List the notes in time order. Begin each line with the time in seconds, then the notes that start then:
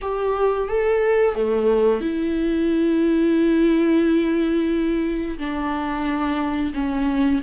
0.01 G4
0.68 A4
1.35 A3
2.00 E4
5.38 D4
6.74 C#4